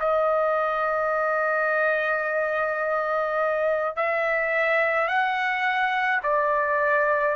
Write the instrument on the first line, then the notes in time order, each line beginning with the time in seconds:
trumpet
0.00 D#5
3.96 E5
5.08 F#5
6.23 D5